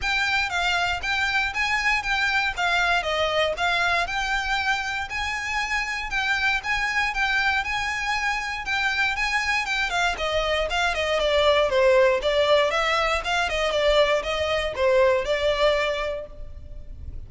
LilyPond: \new Staff \with { instrumentName = "violin" } { \time 4/4 \tempo 4 = 118 g''4 f''4 g''4 gis''4 | g''4 f''4 dis''4 f''4 | g''2 gis''2 | g''4 gis''4 g''4 gis''4~ |
gis''4 g''4 gis''4 g''8 f''8 | dis''4 f''8 dis''8 d''4 c''4 | d''4 e''4 f''8 dis''8 d''4 | dis''4 c''4 d''2 | }